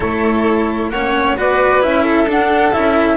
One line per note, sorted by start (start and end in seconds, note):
0.00 0.89 A3
0.00 0.91 E4
0.00 0.90 A4
0.00 0.90 C#5
0.89 1.34 A#3
0.89 1.36 C#4
0.89 1.37 C#5
0.89 1.35 F#5
1.36 1.81 B3
1.36 1.81 F#4
1.36 2.02 B4
1.36 1.82 D5
1.81 2.26 C#4
1.81 2.26 E4
1.81 2.28 E5
2.02 3.16 A4
2.26 2.71 D4
2.26 2.72 D4
2.26 2.73 F#5
2.72 3.17 C#4
2.72 3.17 E4
2.72 3.17 E5